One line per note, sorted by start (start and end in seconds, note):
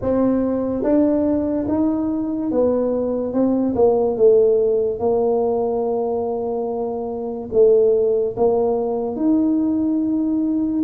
0.01 0.83 C4
0.83 1.66 D4
1.67 2.51 D#4
2.51 3.33 B3
3.33 3.75 C4
3.75 4.17 A#3
4.17 4.99 A3
4.99 7.49 A#3
7.52 8.35 A3
8.36 9.16 A#3
9.16 10.82 D#4